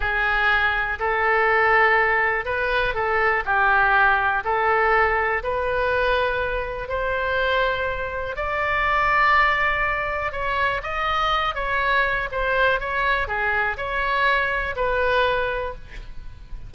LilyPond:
\new Staff \with { instrumentName = "oboe" } { \time 4/4 \tempo 4 = 122 gis'2 a'2~ | a'4 b'4 a'4 g'4~ | g'4 a'2 b'4~ | b'2 c''2~ |
c''4 d''2.~ | d''4 cis''4 dis''4. cis''8~ | cis''4 c''4 cis''4 gis'4 | cis''2 b'2 | }